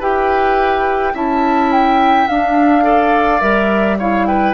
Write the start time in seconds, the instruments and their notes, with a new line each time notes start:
0.00 bassoon E4, clarinet G4, oboe B4, flute G5
1.14 bassoon C#4, clarinet E4, oboe E5, flute A5
1.72 flute G5
2.28 bassoon D4, clarinet D4, flute F5
2.83 clarinet A4, oboe D5
3.41 bassoon G3, clarinet A#4, flute E5
3.99 clarinet E4, oboe C#5, flute F5
4.27 oboe B4, flute G5